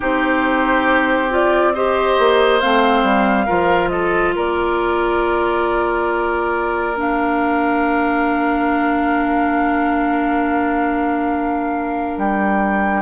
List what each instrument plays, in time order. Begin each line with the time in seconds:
0.00 bassoon C4, clarinet D#4, oboe G4, flute C5
1.30 clarinet F4, flute D5
1.74 clarinet G4, oboe C5, flute D#5
2.18 bassoon A#3
2.60 bassoon A3, clarinet C4, flute F5
3.02 bassoon G3
3.45 bassoon F3, clarinet F4, oboe A#4
3.89 oboe A4, flute D#5
4.35 bassoon A#3, oboe A#4, flute D5
6.95 clarinet D4, flute F5
12.17 bassoon G3, flute G5